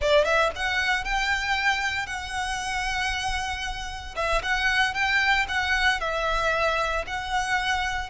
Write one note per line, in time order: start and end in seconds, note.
0.01 0.24 D5
0.24 0.51 E5
0.55 1.04 F#5
1.04 2.06 G5
2.06 4.15 F#5
4.15 4.42 E5
4.42 4.94 F#5
4.94 5.46 G5
5.48 6.00 F#5
6.00 7.04 E5
7.06 8.09 F#5